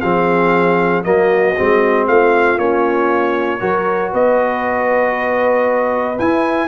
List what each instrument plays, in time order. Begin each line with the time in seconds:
0.00 tuba F3, trombone C4, horn G#4, trumpet F5
1.03 tuba F#3, trombone A#3, horn F#4, trumpet D#5
1.56 tuba G#3, trombone C4
2.07 tuba A3, horn F4, trumpet F5
2.57 tuba A#3, trombone C#4, trumpet C#5
3.59 tuba F#3, trombone F#4, horn A#4
4.11 tuba B3, horn B4, trumpet D#5
6.18 tuba E4, trombone E4, trumpet G#5